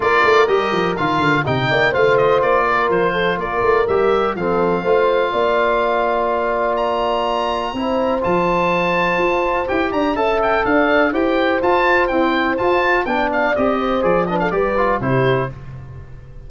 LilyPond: <<
  \new Staff \with { instrumentName = "oboe" } { \time 4/4 \tempo 4 = 124 d''4 dis''4 f''4 g''4 | f''8 dis''8 d''4 c''4 d''4 | e''4 f''2.~ | f''2 ais''2~ |
ais''4 a''2. | g''8 ais''8 a''8 g''8 f''4 g''4 | a''4 g''4 a''4 g''8 f''8 | dis''4 d''8 dis''16 f''16 d''4 c''4 | }
  \new Staff \with { instrumentName = "horn" } { \time 4/4 ais'2. dis''8 d''8 | c''4. ais'4 a'8 ais'4~ | ais'4 a'4 c''4 d''4~ | d''1 |
c''1~ | c''8 d''8 e''4 d''4 c''4~ | c''2. d''4~ | d''8 c''4 b'16 a'16 b'4 g'4 | }
  \new Staff \with { instrumentName = "trombone" } { \time 4/4 f'4 g'4 f'4 dis'4 | f'1 | g'4 c'4 f'2~ | f'1 |
e'4 f'2. | g'4 a'2 g'4 | f'4 c'4 f'4 d'4 | g'4 gis'8 d'8 g'8 f'8 e'4 | }
  \new Staff \with { instrumentName = "tuba" } { \time 4/4 ais8 a8 g8 f8 dis8 d8 c8 ais8 | a4 ais4 f4 ais8 a8 | g4 f4 a4 ais4~ | ais1 |
c'4 f2 f'4 | e'8 d'8 cis'4 d'4 e'4 | f'4 e'4 f'4 b4 | c'4 f4 g4 c4 | }
>>